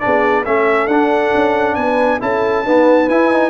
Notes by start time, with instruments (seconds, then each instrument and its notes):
0.00 tuba B3, trombone D4, horn G#4, trumpet D5
0.45 tuba A3, trombone C#4, horn A4, trumpet E5
0.87 tuba D4, trombone D4, trumpet F#5
1.35 tuba C#4
1.75 tuba B3, horn B4, trumpet G#5
2.20 tuba C#4, trombone E4, horn A4, trumpet A5
2.65 trombone B3, tuba D#4, horn B4
3.09 tuba E4, trombone E4, trumpet G#5
3.32 trombone D#4